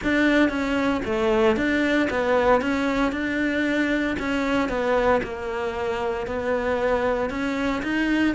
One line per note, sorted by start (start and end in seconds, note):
0.03 0.49 D4
0.49 1.01 C#4
1.05 1.56 A3
1.56 2.08 D4
2.10 2.61 B3
2.61 3.12 C#4
3.12 4.16 D4
4.19 4.68 C#4
4.68 5.21 B3
5.23 6.26 A#3
6.26 7.30 B3
7.30 7.82 C#4
7.82 8.34 D#4